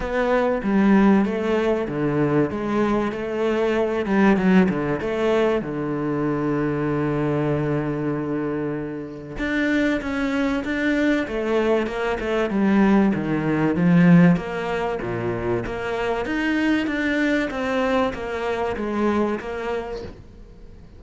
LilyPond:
\new Staff \with { instrumentName = "cello" } { \time 4/4 \tempo 4 = 96 b4 g4 a4 d4 | gis4 a4. g8 fis8 d8 | a4 d2.~ | d2. d'4 |
cis'4 d'4 a4 ais8 a8 | g4 dis4 f4 ais4 | ais,4 ais4 dis'4 d'4 | c'4 ais4 gis4 ais4 | }